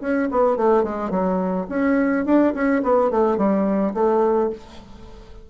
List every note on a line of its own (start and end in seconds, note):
0.00 0.28 C#4
0.31 0.56 B3
0.56 0.83 A3
0.83 1.10 G#3
1.10 1.66 F#3
1.69 2.25 C#4
2.25 2.53 D4
2.54 2.82 C#4
2.83 3.10 B3
3.10 3.37 A3
3.37 3.93 G3
3.93 4.49 A3